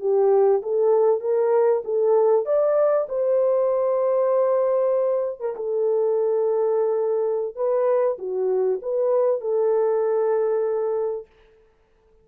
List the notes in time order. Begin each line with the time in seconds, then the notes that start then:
0.00 G4
0.63 A4
1.21 A#4
1.85 A4
2.46 D5
3.09 C5
5.40 A#4
5.56 A4
7.56 B4
8.18 F#4
8.82 B4
9.41 A4